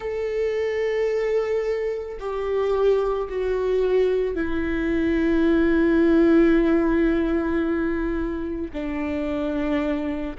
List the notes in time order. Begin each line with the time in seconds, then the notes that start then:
0.00 A4
2.19 G4
3.29 F#4
4.35 E4
8.73 D4